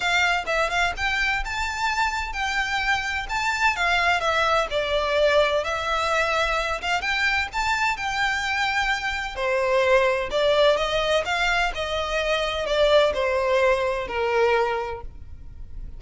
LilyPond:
\new Staff \with { instrumentName = "violin" } { \time 4/4 \tempo 4 = 128 f''4 e''8 f''8 g''4 a''4~ | a''4 g''2 a''4 | f''4 e''4 d''2 | e''2~ e''8 f''8 g''4 |
a''4 g''2. | c''2 d''4 dis''4 | f''4 dis''2 d''4 | c''2 ais'2 | }